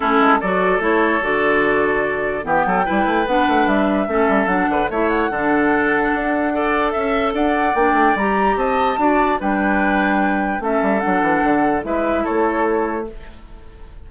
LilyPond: <<
  \new Staff \with { instrumentName = "flute" } { \time 4/4 \tempo 4 = 147 a'4 d''4 cis''4 d''4~ | d''2 g''2 | fis''4 e''2 fis''4 | e''8 fis''2.~ fis''8~ |
fis''4 e''4 fis''4 g''4 | ais''4 a''2 g''4~ | g''2 e''4 fis''4~ | fis''4 e''4 cis''2 | }
  \new Staff \with { instrumentName = "oboe" } { \time 4/4 e'4 a'2.~ | a'2 g'8 a'8 b'4~ | b'2 a'4. b'8 | cis''4 a'2. |
d''4 e''4 d''2~ | d''4 dis''4 d''4 b'4~ | b'2 a'2~ | a'4 b'4 a'2 | }
  \new Staff \with { instrumentName = "clarinet" } { \time 4/4 cis'4 fis'4 e'4 fis'4~ | fis'2 b4 e'4 | d'2 cis'4 d'4 | e'4 d'2. |
a'2. d'4 | g'2 fis'4 d'4~ | d'2 cis'4 d'4~ | d'4 e'2. | }
  \new Staff \with { instrumentName = "bassoon" } { \time 4/4 a8 gis8 fis4 a4 d4~ | d2 e8 fis8 g8 a8 | b8 a8 g4 a8 g8 fis8 d8 | a4 d2 d'4~ |
d'4 cis'4 d'4 ais8 a8 | g4 c'4 d'4 g4~ | g2 a8 g8 fis8 e8 | d4 gis4 a2 | }
>>